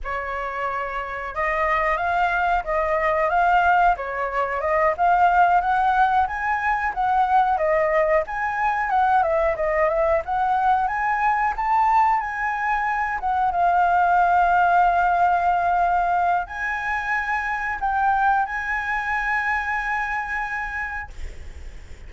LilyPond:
\new Staff \with { instrumentName = "flute" } { \time 4/4 \tempo 4 = 91 cis''2 dis''4 f''4 | dis''4 f''4 cis''4 dis''8 f''8~ | f''8 fis''4 gis''4 fis''4 dis''8~ | dis''8 gis''4 fis''8 e''8 dis''8 e''8 fis''8~ |
fis''8 gis''4 a''4 gis''4. | fis''8 f''2.~ f''8~ | f''4 gis''2 g''4 | gis''1 | }